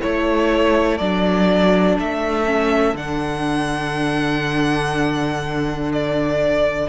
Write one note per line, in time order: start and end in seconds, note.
0.00 1.00 A3
0.00 0.99 E4
0.00 6.89 A4
0.00 0.98 C#5
0.98 1.98 F#3
0.98 2.45 D4
0.98 1.96 D5
1.99 2.94 A3
1.99 2.97 E5
2.45 2.94 C#4
2.94 6.87 D3
2.94 6.89 D4
2.94 5.92 F#5
5.92 6.89 D5